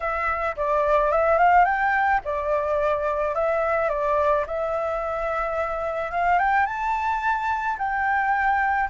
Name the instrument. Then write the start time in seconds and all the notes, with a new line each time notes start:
flute
0.00 E5
0.56 D5
1.11 E5
1.38 F5
1.64 G5
2.24 D5
3.34 E5
3.89 D5
4.46 E5
6.11 F5
6.38 G5
6.65 A5
7.78 G5